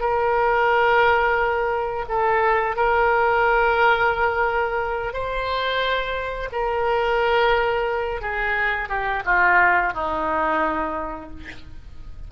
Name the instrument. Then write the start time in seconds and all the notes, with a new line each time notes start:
oboe
0.00 A#4
2.08 A4
2.76 A#4
5.13 C5
6.52 A#4
8.21 G#4
8.88 G4
9.25 F4
9.93 D#4